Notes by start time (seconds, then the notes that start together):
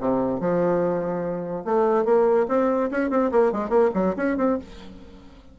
0.00 C3
0.40 F3
1.64 A3
2.04 A#3
2.48 C4
2.90 C#4
3.10 C4
3.31 A#3
3.52 G#3
3.69 A#3
3.94 F#3
4.17 C#4
4.37 C4